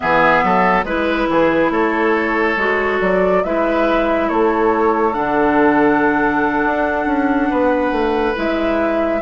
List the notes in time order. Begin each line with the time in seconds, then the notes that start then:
0.00 E3 B3 G#4 E5
0.43 F#3 A4
0.84 G#3 E4 B4
1.28 E3 G#4
1.70 A3 A4 C#5
2.56 G#3 F#4
3.01 F#3 D5
3.43 G#3 E4 B4 E5
4.28 A3 A4 C#5
5.12 D3 D4 F#5
6.64 D4
7.06 C#4
7.49 B3 B4
7.91 A3
8.34 G#3 E4 E5